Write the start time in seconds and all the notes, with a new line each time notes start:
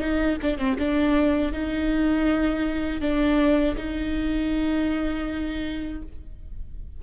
0.00 D#4
0.42 D4
0.58 C4
0.79 D4
1.53 D#4
3.01 D4
3.77 D#4